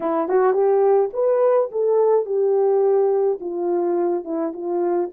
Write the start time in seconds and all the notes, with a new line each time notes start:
0.00 E4
0.28 F#4
0.53 G4
1.13 B4
1.71 A4
2.25 G4
3.40 F4
4.24 E4
4.53 F4